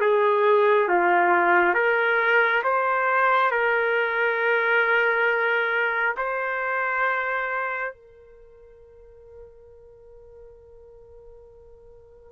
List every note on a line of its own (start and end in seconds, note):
0.00 0.88 G#4
0.88 1.74 F4
1.74 2.62 A#4
2.63 3.51 C5
3.51 6.15 A#4
6.17 7.93 C5
7.93 12.32 A#4